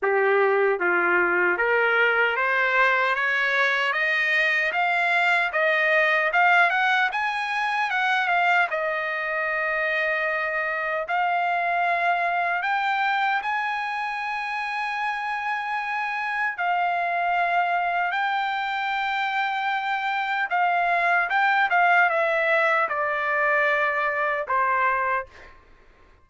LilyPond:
\new Staff \with { instrumentName = "trumpet" } { \time 4/4 \tempo 4 = 76 g'4 f'4 ais'4 c''4 | cis''4 dis''4 f''4 dis''4 | f''8 fis''8 gis''4 fis''8 f''8 dis''4~ | dis''2 f''2 |
g''4 gis''2.~ | gis''4 f''2 g''4~ | g''2 f''4 g''8 f''8 | e''4 d''2 c''4 | }